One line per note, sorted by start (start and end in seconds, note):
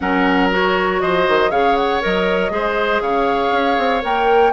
0.00 1.01 F#3
0.00 0.51 C#4
0.00 1.02 A#4
0.00 0.48 F#5
0.51 1.50 F#4
0.51 1.00 C#5
1.00 1.26 F3
1.00 1.50 C5
1.00 1.50 D#5
1.28 1.50 D#3
1.50 2.00 C#3
1.50 2.01 G#4
1.50 2.51 C#5
1.50 1.75 F5
1.76 2.01 F#5
2.01 2.50 F#3
2.01 2.50 A#4
2.01 3.01 D#5
2.50 3.00 G#3
2.50 4.01 G#4
2.50 3.02 C5
3.01 3.51 C#3
3.01 4.52 C#5
3.01 4.02 F5
3.52 3.77 C#4
3.77 4.02 C4
4.02 4.52 A#3
4.02 4.52 A#4
4.02 4.52 G5